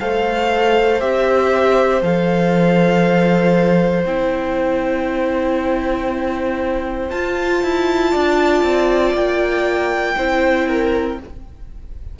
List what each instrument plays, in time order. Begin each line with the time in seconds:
0.00 cello A3, viola A4, violin C5 F5
1.00 cello C4, viola G4, violin E5
2.02 cello F3, viola A4, violin F5
4.05 cello C4, viola E4, violin G5
7.10 viola F4, cello F4, violin A5
7.63 cello E4
8.11 cello D4, violin D5
8.63 cello C4
9.14 cello A#3, violin G5
10.18 cello C4, viola E4, violin C5
10.68 violin A#4